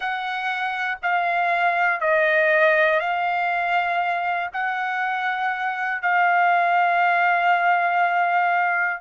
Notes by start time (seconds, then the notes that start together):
0.00 F#5
1.02 F5
2.00 D#5
3.00 F5
4.53 F#5
6.01 F5